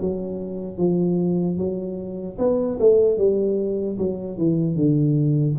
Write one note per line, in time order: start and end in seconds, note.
0.00 0.77 F#3
0.77 1.57 F3
1.57 2.37 F#3
2.38 2.78 B3
2.79 3.17 A3
3.17 3.97 G3
3.98 4.37 F#3
4.37 4.75 E3
4.75 5.55 D3